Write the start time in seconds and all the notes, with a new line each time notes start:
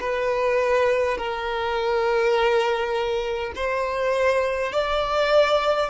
0.00 B4
1.17 A#4
3.55 C5
4.72 D5